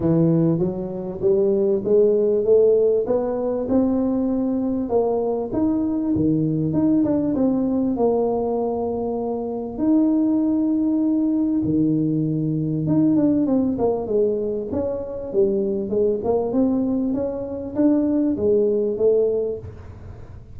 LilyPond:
\new Staff \with { instrumentName = "tuba" } { \time 4/4 \tempo 4 = 98 e4 fis4 g4 gis4 | a4 b4 c'2 | ais4 dis'4 dis4 dis'8 d'8 | c'4 ais2. |
dis'2. dis4~ | dis4 dis'8 d'8 c'8 ais8 gis4 | cis'4 g4 gis8 ais8 c'4 | cis'4 d'4 gis4 a4 | }